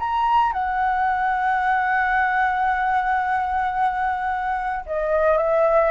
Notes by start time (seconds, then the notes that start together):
0.00 A#5
0.53 F#5
4.87 D#5
5.38 E5